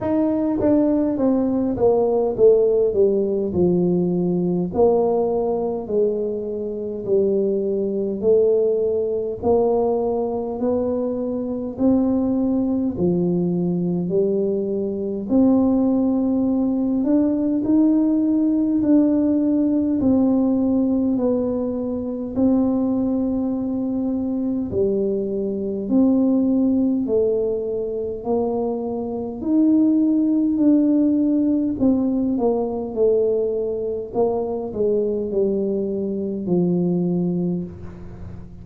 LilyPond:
\new Staff \with { instrumentName = "tuba" } { \time 4/4 \tempo 4 = 51 dis'8 d'8 c'8 ais8 a8 g8 f4 | ais4 gis4 g4 a4 | ais4 b4 c'4 f4 | g4 c'4. d'8 dis'4 |
d'4 c'4 b4 c'4~ | c'4 g4 c'4 a4 | ais4 dis'4 d'4 c'8 ais8 | a4 ais8 gis8 g4 f4 | }